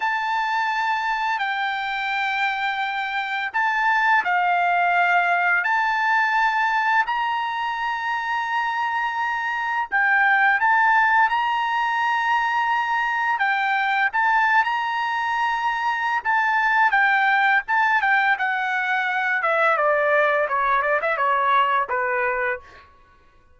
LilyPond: \new Staff \with { instrumentName = "trumpet" } { \time 4/4 \tempo 4 = 85 a''2 g''2~ | g''4 a''4 f''2 | a''2 ais''2~ | ais''2 g''4 a''4 |
ais''2. g''4 | a''8. ais''2~ ais''16 a''4 | g''4 a''8 g''8 fis''4. e''8 | d''4 cis''8 d''16 e''16 cis''4 b'4 | }